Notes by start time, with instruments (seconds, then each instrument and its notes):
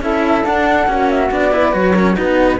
0.00 cello C#4 E4, flute A4 E5
0.44 cello D4, flute F#5
0.87 cello A#3 C#4, flute F#4
1.10 flute E5
1.31 cello B3 D4, flute D5
1.51 cello E4, flute B4
1.72 cello F#3 F#4, flute C#5
1.96 cello C#4, flute A#4
2.14 cello B3 D#4, flute F#4 B4